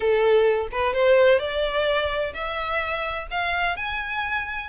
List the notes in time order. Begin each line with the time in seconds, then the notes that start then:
0.00 A4
0.71 B4
0.93 C5
1.39 D5
2.33 E5
3.30 F5
3.76 G#5